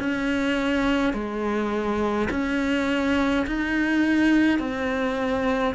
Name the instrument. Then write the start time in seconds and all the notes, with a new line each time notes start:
cello
0.00 C#4
1.14 G#3
2.31 C#4
3.47 D#4
4.59 C4